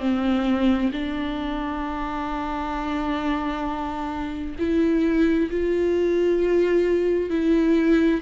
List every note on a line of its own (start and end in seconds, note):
0.00 0.91 C4
0.92 4.56 D4
4.59 5.50 E4
5.50 7.30 F4
7.30 8.21 E4